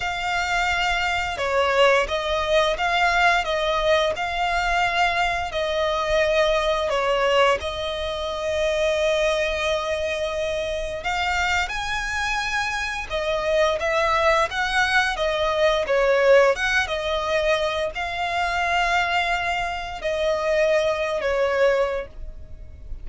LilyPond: \new Staff \with { instrumentName = "violin" } { \time 4/4 \tempo 4 = 87 f''2 cis''4 dis''4 | f''4 dis''4 f''2 | dis''2 cis''4 dis''4~ | dis''1 |
f''4 gis''2 dis''4 | e''4 fis''4 dis''4 cis''4 | fis''8 dis''4. f''2~ | f''4 dis''4.~ dis''16 cis''4~ cis''16 | }